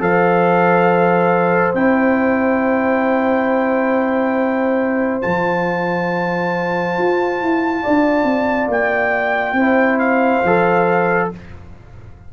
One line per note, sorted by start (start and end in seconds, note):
0.00 1.74 F3
0.00 1.74 A4
0.00 7.82 C5
0.00 1.75 F5
1.74 5.22 C4
1.74 5.22 E4
1.74 5.22 G5
5.22 6.98 F3
5.22 9.57 F4
5.22 8.70 A5
6.98 7.41 F4
7.41 7.84 E4
7.82 8.24 D4
7.82 9.56 D5
8.24 8.68 C4
8.68 9.53 A#3
8.68 9.99 G5
9.53 10.40 C4
9.53 10.44 E4
9.53 11.31 C5
9.99 11.30 F5
10.44 11.31 F3
10.44 11.33 A4